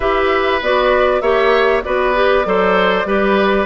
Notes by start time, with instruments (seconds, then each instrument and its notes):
0.00 bassoon E4, clarinet G4, oboe B4, flute E5
0.61 bassoon B3, clarinet F#4, flute D5
1.21 bassoon A#3, clarinet G4, oboe C#5, flute E5
1.83 bassoon B3, clarinet F#4, oboe B4, flute D5
2.14 clarinet G4
2.45 bassoon F#3, clarinet A4, oboe C5
3.05 bassoon G3, clarinet G4, oboe B4